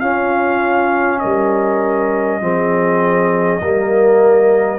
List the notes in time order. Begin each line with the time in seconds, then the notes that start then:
0.00 C#4 F4 F5
1.20 G3 A#4 D#5
2.41 F3 C4 G#4
3.62 G3 A#3 A#4